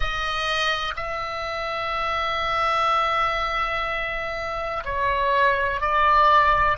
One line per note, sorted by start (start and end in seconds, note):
0.00 0.94 D#5
0.96 4.83 E5
4.84 5.80 C#5
5.80 6.77 D5